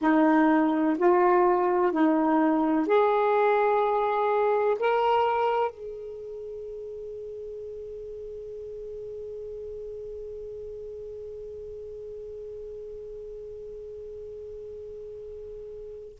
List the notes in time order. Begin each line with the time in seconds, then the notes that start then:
0.01 D#4
0.97 F4
1.92 D#4
2.87 G#4
4.79 A#4
5.70 G#4